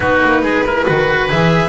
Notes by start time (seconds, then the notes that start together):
0.00 B3 D#4 F#4 B4
0.23 A#3
0.43 G#3 G#4
0.65 E4 A#4
0.85 D#3 F#4 B4
1.29 E3 G#4 E5